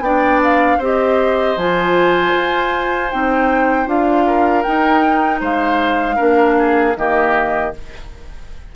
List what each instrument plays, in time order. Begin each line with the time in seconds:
0.00 bassoon B3, clarinet D4, oboe D5, flute G5
0.43 flute F5
0.78 bassoon C4, clarinet G4, oboe C5
0.84 flute D#5
1.56 bassoon F3, clarinet F4, flute G#5
2.35 bassoon F4
3.11 bassoon C4, clarinet D#4, flute G5
3.86 bassoon D4, clarinet F4, flute F5
4.27 oboe A#4
4.62 clarinet D#4, bassoon D#4, flute G5
5.40 bassoon G#3, oboe C5, flute F5
6.16 bassoon A#3, clarinet D4, oboe A#4
6.58 oboe G#4
6.96 bassoon D#3, clarinet A#3, oboe G4, flute D#5